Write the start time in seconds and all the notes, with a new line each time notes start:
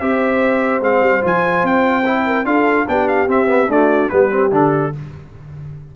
0.00 C4 G4 C5 E5
0.81 G#3 C4 F5
1.01 G3
1.22 F3 F4 G#5
1.63 C4 G5
2.06 E4
2.26 A#4
2.45 D4 F4 A4 F5
2.88 B3 D4 G4 G5
3.08 F5
3.28 C4 E5
3.47 B3
3.69 A3 D4 F#4 D5
4.10 G3 B3 G4 B4
4.31 C4
4.51 D3 D4 A4